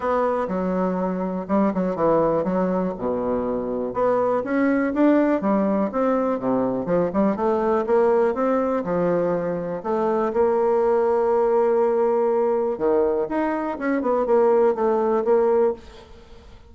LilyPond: \new Staff \with { instrumentName = "bassoon" } { \time 4/4 \tempo 4 = 122 b4 fis2 g8 fis8 | e4 fis4 b,2 | b4 cis'4 d'4 g4 | c'4 c4 f8 g8 a4 |
ais4 c'4 f2 | a4 ais2.~ | ais2 dis4 dis'4 | cis'8 b8 ais4 a4 ais4 | }